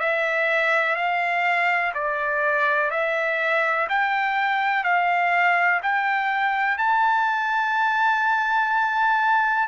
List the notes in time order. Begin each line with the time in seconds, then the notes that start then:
0.00 E5
0.96 F5
1.94 D5
2.91 E5
3.89 G5
4.84 F5
5.82 G5
6.78 A5